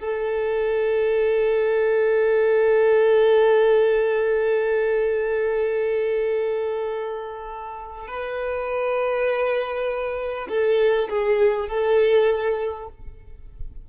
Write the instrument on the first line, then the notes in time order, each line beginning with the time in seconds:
violin
0.00 A4
8.08 B4
10.49 A4
11.10 G#4
11.69 A4